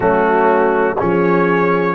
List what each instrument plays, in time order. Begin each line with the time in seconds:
0.00 tuba F#3, trombone A3, horn C#4, trumpet F#4
0.99 tuba F3, trombone C#4, horn G#4, trumpet C#5